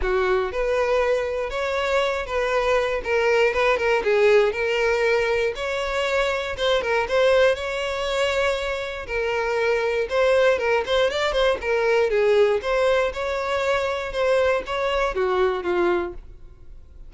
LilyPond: \new Staff \with { instrumentName = "violin" } { \time 4/4 \tempo 4 = 119 fis'4 b'2 cis''4~ | cis''8 b'4. ais'4 b'8 ais'8 | gis'4 ais'2 cis''4~ | cis''4 c''8 ais'8 c''4 cis''4~ |
cis''2 ais'2 | c''4 ais'8 c''8 d''8 c''8 ais'4 | gis'4 c''4 cis''2 | c''4 cis''4 fis'4 f'4 | }